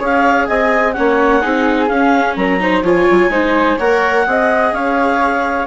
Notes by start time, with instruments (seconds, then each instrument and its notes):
0.00 bassoon C#4, viola G#4, flute C#5, clarinet F5
0.47 bassoon C4, flute D#5, clarinet G#5
0.93 viola C#4, flute C#5, clarinet F#5
0.99 bassoon A#3
1.41 bassoon C4, viola D#4, flute G#4
1.88 bassoon C#4, viola C#4, clarinet F5
2.36 bassoon F#3, flute A#4, clarinet A#5
2.60 viola D#4, flute C5
2.83 bassoon F3, viola F4, flute C#5, clarinet G#5
3.11 bassoon F#3
3.29 bassoon G#3, viola D#4, flute C5
3.78 bassoon A#3, viola A#4, flute C#5, clarinet F#5
4.26 bassoon C4, viola G#4, flute D#5
4.72 bassoon C#4, flute C#5, clarinet F5